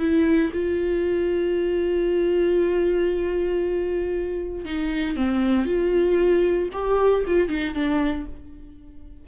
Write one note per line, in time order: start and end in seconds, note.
0.00 0.52 E4
0.54 4.66 F4
4.66 5.17 D#4
5.17 5.66 C4
5.66 6.70 F4
6.73 7.25 G4
7.27 7.49 F4
7.49 7.75 D#4
7.75 8.26 D4